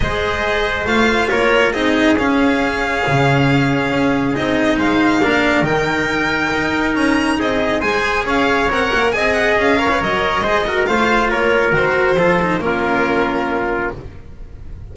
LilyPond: <<
  \new Staff \with { instrumentName = "violin" } { \time 4/4 \tempo 4 = 138 dis''2 f''4 cis''4 | dis''4 f''2.~ | f''2 dis''4 f''4~ | f''4 g''2. |
ais''4 dis''4 gis''4 f''4 | fis''4 gis''8 fis''8 f''4 dis''4~ | dis''4 f''4 cis''4 c''4~ | c''4 ais'2. | }
  \new Staff \with { instrumentName = "trumpet" } { \time 4/4 c''2. ais'4 | gis'1~ | gis'2. c''4 | ais'1~ |
ais'4 gis'4 c''4 cis''4~ | cis''4 dis''4. cis''4. | c''8 ais'8 c''4 ais'2 | a'4 f'2. | }
  \new Staff \with { instrumentName = "cello" } { \time 4/4 gis'2 f'2 | dis'4 cis'2.~ | cis'2 dis'2 | d'4 dis'2.~ |
dis'2 gis'2 | ais'4 gis'4. ais'16 b'16 ais'4 | gis'8 fis'8 f'2 fis'4 | f'8 dis'8 cis'2. | }
  \new Staff \with { instrumentName = "double bass" } { \time 4/4 gis2 a4 ais4 | c'4 cis'2 cis4~ | cis4 cis'4 c'4 gis4 | ais4 dis2 dis'4 |
cis'4 c'4 gis4 cis'4 | c'8 ais8 c'4 cis'4 fis4 | gis4 a4 ais4 dis4 | f4 ais2. | }
>>